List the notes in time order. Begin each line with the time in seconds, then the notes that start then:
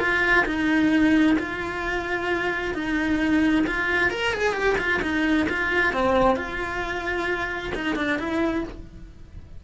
0.00 F4
0.46 D#4
1.39 F4
2.74 D#4
3.67 F4
4.11 A#4
4.33 G#4
4.53 G4
4.78 F4
5.02 D#4
5.49 F4
5.94 C4
6.36 F4
7.75 D#4
7.96 D4
8.19 E4